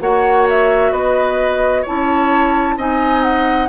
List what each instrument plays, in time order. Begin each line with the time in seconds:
0.00 bassoon A#3, clarinet F#4, oboe C#5, flute F#5
0.49 flute E5
0.92 bassoon B3, oboe B4, flute D#5
1.82 clarinet E4, oboe C#5, flute A5
1.89 bassoon C#4
2.77 bassoon C4, clarinet D#4, oboe D#5, flute G#5
3.23 flute F#5